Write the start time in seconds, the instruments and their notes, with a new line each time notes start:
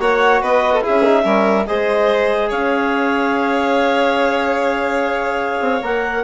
0.00 bassoon A#3, trombone F#4, violin C#5, clarinet F#5
0.42 bassoon B3, violin B4, clarinet D#5
0.73 violin A4
0.82 trombone E4, violin G#4, clarinet E5
0.89 bassoon C#4
1.04 trombone D#4
1.25 bassoon G3, trombone C#4, violin A#4
1.67 bassoon G#3, trombone G#4, violin C5, clarinet D#5
2.49 bassoon C#4, violin C#5, clarinet F5
5.61 bassoon C4
5.82 bassoon A#3, trombone A#4, clarinet F#5